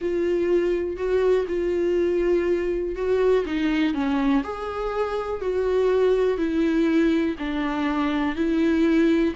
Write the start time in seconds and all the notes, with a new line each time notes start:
0.01 F4
0.96 F#4
1.48 F4
2.95 F#4
3.45 D#4
3.94 C#4
4.43 G#4
5.41 F#4
6.37 E4
7.38 D4
8.35 E4